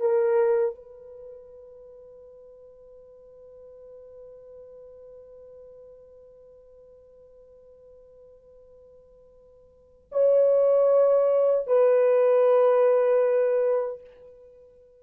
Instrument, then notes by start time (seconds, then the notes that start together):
horn
0.00 A#4
0.75 B4
10.12 C#5
11.67 B4